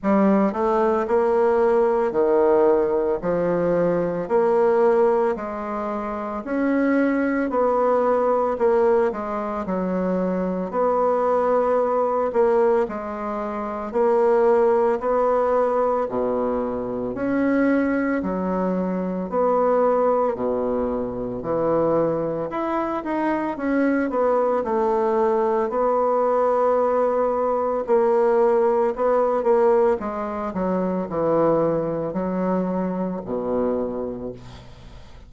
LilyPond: \new Staff \with { instrumentName = "bassoon" } { \time 4/4 \tempo 4 = 56 g8 a8 ais4 dis4 f4 | ais4 gis4 cis'4 b4 | ais8 gis8 fis4 b4. ais8 | gis4 ais4 b4 b,4 |
cis'4 fis4 b4 b,4 | e4 e'8 dis'8 cis'8 b8 a4 | b2 ais4 b8 ais8 | gis8 fis8 e4 fis4 b,4 | }